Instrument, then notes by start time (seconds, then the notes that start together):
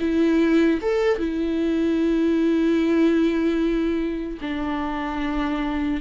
viola
0.00 E4
0.82 A4
1.19 E4
4.41 D4